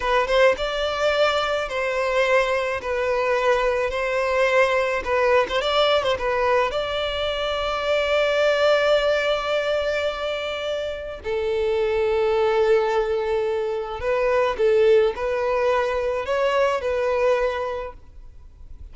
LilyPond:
\new Staff \with { instrumentName = "violin" } { \time 4/4 \tempo 4 = 107 b'8 c''8 d''2 c''4~ | c''4 b'2 c''4~ | c''4 b'8. c''16 d''8. c''16 b'4 | d''1~ |
d''1 | a'1~ | a'4 b'4 a'4 b'4~ | b'4 cis''4 b'2 | }